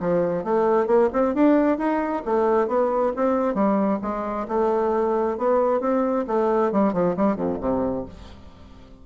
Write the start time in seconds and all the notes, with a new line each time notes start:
0.00 F3
0.44 A3
0.87 A#3
1.13 C4
1.35 D4
1.78 D#4
2.25 A3
2.68 B3
3.16 C4
3.54 G3
4.02 G#3
4.48 A3
5.38 B3
5.81 C4
6.27 A3
6.72 G3
6.93 F3
7.16 G3
7.36 F2
7.61 C3